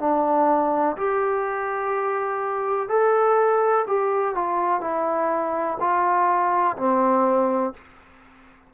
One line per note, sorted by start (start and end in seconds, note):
0.00 0.97 D4
0.97 2.89 G4
2.89 3.86 A4
3.88 4.35 G4
4.35 4.81 F4
4.81 5.78 E4
5.80 6.77 F4
6.77 7.74 C4